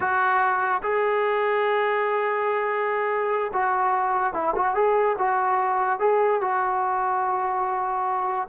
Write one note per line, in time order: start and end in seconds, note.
0.00 0.81 F#4
0.82 3.51 G#4
3.53 4.33 F#4
4.33 4.54 E4
4.55 4.75 F#4
4.75 5.16 G#4
5.18 5.99 F#4
5.99 6.41 G#4
6.41 8.48 F#4